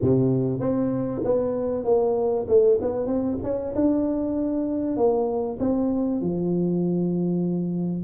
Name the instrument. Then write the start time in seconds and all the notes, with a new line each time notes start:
tuba
0.01 C3
0.60 C4
1.24 B3
1.84 A#3
2.47 A3
2.81 B3
3.06 C4
3.43 C#4
3.75 D4
4.96 A#3
5.59 C4
6.21 F3